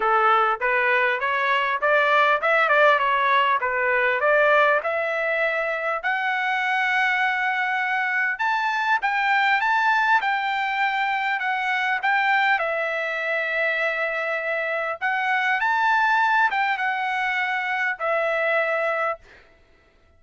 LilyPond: \new Staff \with { instrumentName = "trumpet" } { \time 4/4 \tempo 4 = 100 a'4 b'4 cis''4 d''4 | e''8 d''8 cis''4 b'4 d''4 | e''2 fis''2~ | fis''2 a''4 g''4 |
a''4 g''2 fis''4 | g''4 e''2.~ | e''4 fis''4 a''4. g''8 | fis''2 e''2 | }